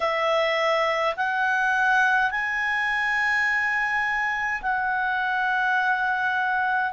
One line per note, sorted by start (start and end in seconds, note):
0.00 1.15 E5
1.16 2.31 F#5
2.31 4.62 G#5
4.62 6.92 F#5